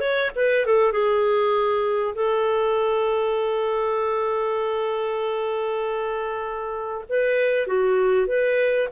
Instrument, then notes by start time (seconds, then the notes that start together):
clarinet
0.00 C#5
0.35 B4
0.66 A4
0.92 G#4
2.15 A4
7.09 B4
7.67 F#4
8.27 B4